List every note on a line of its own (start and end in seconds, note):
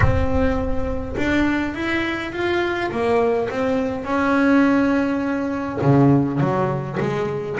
0.00 1.15 C4
1.17 1.74 D4
1.74 2.32 E4
2.32 2.90 F4
2.91 3.49 A#3
3.50 4.04 C4
4.04 5.79 C#4
5.81 6.39 C#3
6.40 6.98 F#3
7.00 7.58 G#3